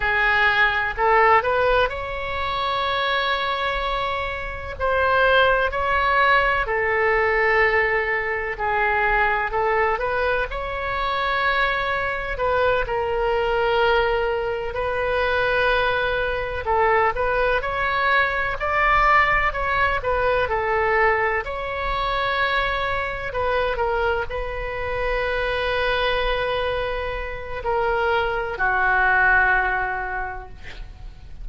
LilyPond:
\new Staff \with { instrumentName = "oboe" } { \time 4/4 \tempo 4 = 63 gis'4 a'8 b'8 cis''2~ | cis''4 c''4 cis''4 a'4~ | a'4 gis'4 a'8 b'8 cis''4~ | cis''4 b'8 ais'2 b'8~ |
b'4. a'8 b'8 cis''4 d''8~ | d''8 cis''8 b'8 a'4 cis''4.~ | cis''8 b'8 ais'8 b'2~ b'8~ | b'4 ais'4 fis'2 | }